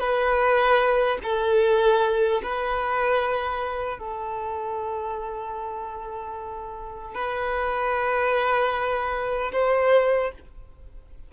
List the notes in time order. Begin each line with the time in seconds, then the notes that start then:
0.00 B4
1.23 A4
2.43 B4
3.99 A4
7.15 B4
9.53 C5